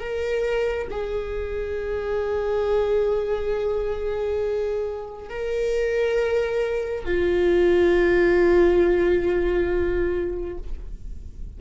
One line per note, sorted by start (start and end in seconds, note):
0.00 0.88 A#4
0.91 5.30 G#4
5.30 7.05 A#4
7.05 10.58 F4